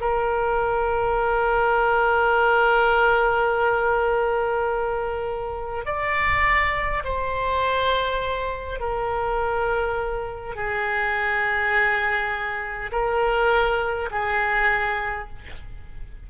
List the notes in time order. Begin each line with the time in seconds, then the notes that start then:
0.00 A#4
5.85 D5
7.04 C5
8.80 A#4
10.55 G#4
12.91 A#4
14.11 G#4